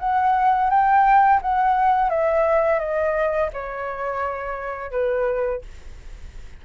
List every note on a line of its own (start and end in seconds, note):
0.00 0.71 F#5
0.71 1.41 G5
1.42 2.10 F#5
2.10 2.80 E5
2.80 3.50 D#5
3.54 4.92 C#5
4.92 5.62 B4